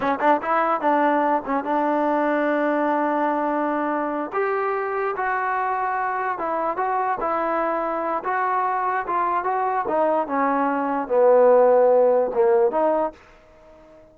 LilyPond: \new Staff \with { instrumentName = "trombone" } { \time 4/4 \tempo 4 = 146 cis'8 d'8 e'4 d'4. cis'8 | d'1~ | d'2~ d'8 g'4.~ | g'8 fis'2. e'8~ |
e'8 fis'4 e'2~ e'8 | fis'2 f'4 fis'4 | dis'4 cis'2 b4~ | b2 ais4 dis'4 | }